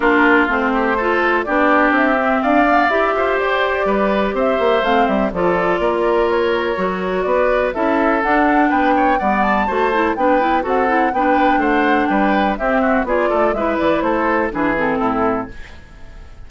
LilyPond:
<<
  \new Staff \with { instrumentName = "flute" } { \time 4/4 \tempo 4 = 124 ais'4 c''2 d''4 | e''4 f''4 e''4 d''4~ | d''4 e''4 f''8 e''8 d''4~ | d''4 cis''2 d''4 |
e''4 fis''4 g''4 fis''8 a''8~ | a''4 g''4 fis''4 g''4 | fis''4 g''4 e''4 d''4 | e''8 d''8 c''4 b'8 a'4. | }
  \new Staff \with { instrumentName = "oboe" } { \time 4/4 f'4. g'8 a'4 g'4~ | g'4 d''4. c''4. | b'4 c''2 a'4 | ais'2. b'4 |
a'2 b'8 cis''8 d''4 | c''4 b'4 a'4 b'4 | c''4 b'4 g'8 fis'8 gis'8 a'8 | b'4 a'4 gis'4 e'4 | }
  \new Staff \with { instrumentName = "clarinet" } { \time 4/4 d'4 c'4 f'4 d'4~ | d'8 c'4 b8 g'2~ | g'2 c'4 f'4~ | f'2 fis'2 |
e'4 d'2 b4 | fis'8 e'8 d'8 e'8 fis'8 e'8 d'4~ | d'2 c'4 f'4 | e'2 d'8 c'4. | }
  \new Staff \with { instrumentName = "bassoon" } { \time 4/4 ais4 a2 b4 | c'4 d'4 e'8 f'8 g'4 | g4 c'8 ais8 a8 g8 f4 | ais2 fis4 b4 |
cis'4 d'4 b4 g4 | a4 b4 c'4 b4 | a4 g4 c'4 b8 a8 | gis8 e8 a4 e4 a,4 | }
>>